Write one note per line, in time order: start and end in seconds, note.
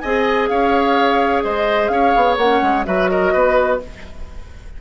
0.00 0.50 C4
0.00 2.40 G#4
0.00 0.50 D#5
0.00 0.47 G#5
0.48 1.44 C#4
0.48 1.44 C#5
0.48 1.43 F5
1.44 1.90 G#3
1.44 1.92 C5
1.44 1.88 D#5
1.88 2.13 C#4
1.88 2.87 C#5
1.88 2.35 F5
2.16 2.37 B3
2.37 2.61 A#3
2.37 2.85 C#4
2.37 2.85 F#5
2.62 2.86 G#3
2.85 3.34 F#3
2.85 3.80 F#4
2.85 3.11 B4
2.85 3.09 E5
3.09 3.33 A#4
3.09 3.80 D#5
3.33 3.82 B3
3.33 3.80 B4